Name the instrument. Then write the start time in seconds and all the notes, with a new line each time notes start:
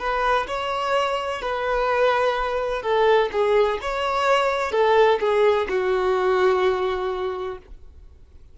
violin
0.00 B4
0.48 C#5
1.42 B4
2.83 A4
3.32 G#4
3.82 C#5
4.72 A4
5.20 G#4
5.69 F#4